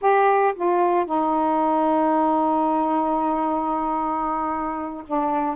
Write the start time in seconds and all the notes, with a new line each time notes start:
0.01 G4
0.55 F4
1.05 D#4
5.06 D4